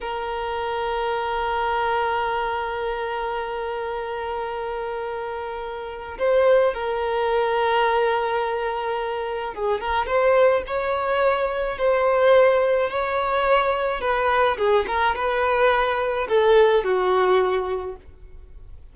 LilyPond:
\new Staff \with { instrumentName = "violin" } { \time 4/4 \tempo 4 = 107 ais'1~ | ais'1~ | ais'2. c''4 | ais'1~ |
ais'4 gis'8 ais'8 c''4 cis''4~ | cis''4 c''2 cis''4~ | cis''4 b'4 gis'8 ais'8 b'4~ | b'4 a'4 fis'2 | }